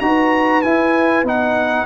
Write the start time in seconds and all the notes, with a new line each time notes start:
0.00 D#4 F#4 B4 A#5
0.62 E4 G#5
1.23 B3 D#4 F#5